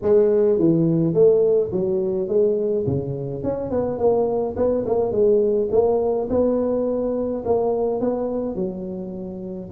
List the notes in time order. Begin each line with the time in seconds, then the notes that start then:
0.02 G#3
0.58 E3
1.14 A3
1.71 F#3
2.28 G#3
2.86 C#3
3.43 C#4
3.70 B3
3.98 A#3
4.56 B3
4.85 A#3
5.11 G#3
5.71 A#3
6.29 B3
7.45 A#3
8.00 B3
8.55 F#3